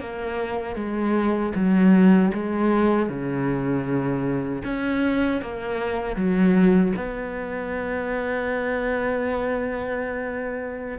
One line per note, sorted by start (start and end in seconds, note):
0.00 0.76 A#3
0.76 1.52 G#3
1.55 2.32 F#3
2.33 3.09 G#3
3.09 4.63 C#3
4.64 5.41 C#4
5.41 6.16 A#3
6.16 6.93 F#3
6.95 10.98 B3